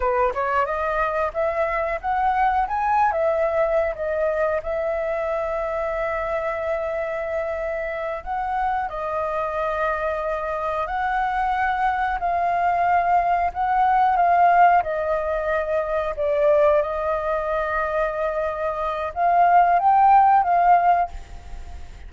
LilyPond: \new Staff \with { instrumentName = "flute" } { \time 4/4 \tempo 4 = 91 b'8 cis''8 dis''4 e''4 fis''4 | gis''8. e''4~ e''16 dis''4 e''4~ | e''1~ | e''8 fis''4 dis''2~ dis''8~ |
dis''8 fis''2 f''4.~ | f''8 fis''4 f''4 dis''4.~ | dis''8 d''4 dis''2~ dis''8~ | dis''4 f''4 g''4 f''4 | }